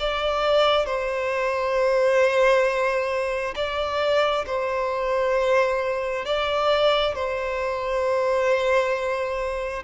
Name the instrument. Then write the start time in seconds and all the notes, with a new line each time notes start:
violin
0.00 D5
0.86 C5
3.56 D5
4.47 C5
6.26 D5
7.15 C5